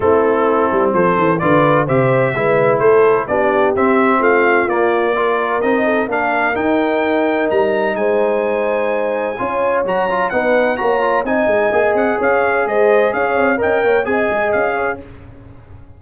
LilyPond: <<
  \new Staff \with { instrumentName = "trumpet" } { \time 4/4 \tempo 4 = 128 a'2 c''4 d''4 | e''2 c''4 d''4 | e''4 f''4 d''2 | dis''4 f''4 g''2 |
ais''4 gis''2.~ | gis''4 ais''4 fis''4 ais''4 | gis''4. fis''8 f''4 dis''4 | f''4 g''4 gis''4 f''4 | }
  \new Staff \with { instrumentName = "horn" } { \time 4/4 e'2 a'4 b'4 | c''4 b'4 a'4 g'4~ | g'4 f'2 ais'4~ | ais'8 a'8 ais'2.~ |
ais'4 c''2. | cis''2 b'4 cis''4 | dis''2 cis''4 c''4 | cis''4 dis''8 cis''8 dis''4. cis''8 | }
  \new Staff \with { instrumentName = "trombone" } { \time 4/4 c'2. f'4 | g'4 e'2 d'4 | c'2 ais4 f'4 | dis'4 d'4 dis'2~ |
dis'1 | f'4 fis'8 f'8 dis'4 fis'8 f'8 | dis'4 gis'2.~ | gis'4 ais'4 gis'2 | }
  \new Staff \with { instrumentName = "tuba" } { \time 4/4 a4. g8 f8 e8 d4 | c4 gis4 a4 b4 | c'4 a4 ais2 | c'4 ais4 dis'2 |
g4 gis2. | cis'4 fis4 b4 ais4 | c'8 gis8 ais8 c'8 cis'4 gis4 | cis'8 c'8 cis'8 ais8 c'8 gis8 cis'4 | }
>>